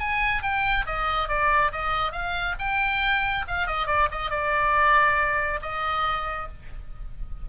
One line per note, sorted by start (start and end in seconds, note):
0.00 0.43 G#5
0.43 0.86 G5
0.86 1.29 D#5
1.29 1.72 D5
1.72 2.12 D#5
2.12 2.56 F5
2.59 3.46 G5
3.48 3.67 F5
3.67 3.87 D#5
3.87 4.08 D5
4.11 4.31 D#5
4.31 5.60 D5
5.62 6.48 D#5